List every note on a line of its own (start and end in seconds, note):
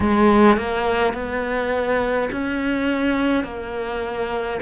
0.00 0.57 G#3
0.57 1.13 A#3
1.13 2.29 B3
2.31 3.44 C#4
3.44 4.59 A#3